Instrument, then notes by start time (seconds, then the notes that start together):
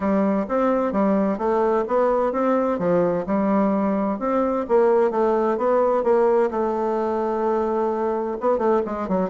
bassoon
0.00 G3
0.48 C4
0.92 G3
1.37 A3
1.87 B3
2.32 C4
2.78 F3
3.26 G3
4.19 C4
4.68 A#3
5.11 A3
5.57 B3
6.03 A#3
6.51 A3
8.40 B3
8.58 A3
8.85 G#3
9.08 F#3